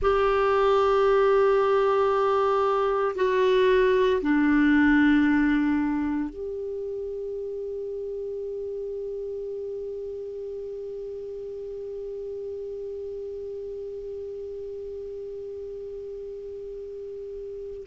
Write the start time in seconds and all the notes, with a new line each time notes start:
0.01 G4
3.15 F#4
4.21 D4
6.29 G4